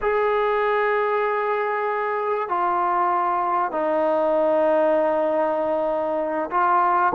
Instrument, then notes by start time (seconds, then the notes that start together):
trombone
0.01 G#4
2.49 F4
3.71 D#4
6.51 F4